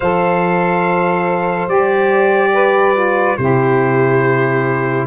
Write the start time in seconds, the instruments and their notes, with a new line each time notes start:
0.00 tuba F3, saxophone A4 C5, trumpet F5
1.67 tuba G3, saxophone G4, trumpet D5
2.53 saxophone B4
2.93 saxophone F4
3.37 tuba C3, saxophone E4 G4, trumpet C5